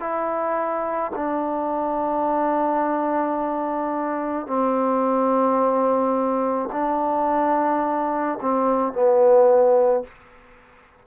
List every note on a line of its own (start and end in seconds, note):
0.00 1.11 E4
1.15 4.47 D4
4.47 6.69 C4
6.72 8.39 D4
8.41 8.93 C4
8.93 10.04 B3